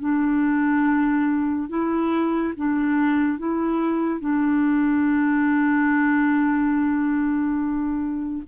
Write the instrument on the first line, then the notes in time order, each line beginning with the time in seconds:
clarinet
0.00 D4
1.69 E4
2.56 D4
3.38 E4
4.20 D4